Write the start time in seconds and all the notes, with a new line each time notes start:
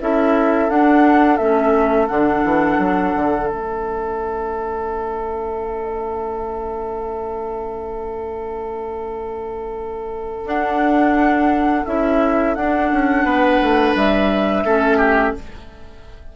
0.00 C#4 E4 A4 E5
0.69 D4 F#5
1.37 A3 C#4 E5
2.07 D3 D4 F#5
2.43 E3
2.78 F#3
3.16 D3
3.47 A3 C#4 E5
10.44 D4 F#5
11.86 C#4 E4 E5
12.55 D4 F#5
12.92 C#4
13.24 B3 B4
13.61 A3
13.95 G3 E5
14.64 A3 C#4 A4
14.97 G4